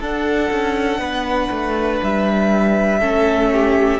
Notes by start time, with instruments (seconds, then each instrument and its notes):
0.00 cello D4, viola D4, violin A4 F#5
0.50 cello C#4
0.98 cello B3, violin B4
1.51 cello A3
2.02 cello G3, violin E5
2.99 cello A3, viola C#4, violin A4
3.52 violin G4